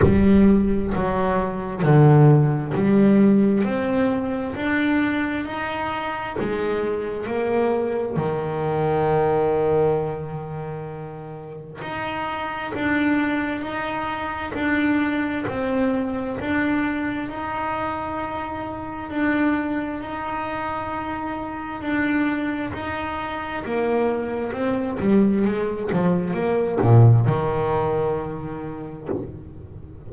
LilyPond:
\new Staff \with { instrumentName = "double bass" } { \time 4/4 \tempo 4 = 66 g4 fis4 d4 g4 | c'4 d'4 dis'4 gis4 | ais4 dis2.~ | dis4 dis'4 d'4 dis'4 |
d'4 c'4 d'4 dis'4~ | dis'4 d'4 dis'2 | d'4 dis'4 ais4 c'8 g8 | gis8 f8 ais8 ais,8 dis2 | }